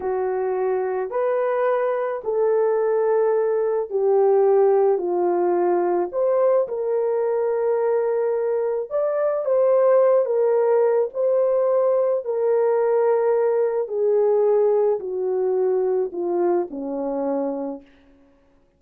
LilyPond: \new Staff \with { instrumentName = "horn" } { \time 4/4 \tempo 4 = 108 fis'2 b'2 | a'2. g'4~ | g'4 f'2 c''4 | ais'1 |
d''4 c''4. ais'4. | c''2 ais'2~ | ais'4 gis'2 fis'4~ | fis'4 f'4 cis'2 | }